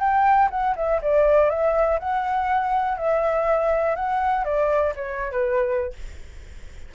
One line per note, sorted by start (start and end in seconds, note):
0.00 0.49 G5
0.51 0.75 F#5
0.76 1.01 E5
1.02 1.50 D5
1.50 1.99 E5
2.00 2.98 F#5
2.98 3.96 E5
3.96 4.45 F#5
4.45 4.94 D5
4.96 5.32 C#5
5.32 5.94 B4